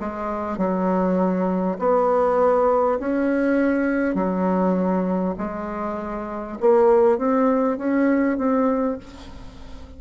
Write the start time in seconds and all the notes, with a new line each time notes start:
0.00 G#3
0.58 F#3
1.78 B3
2.99 C#4
4.15 F#3
5.38 G#3
6.61 A#3
7.18 C4
7.78 C#4
8.38 C4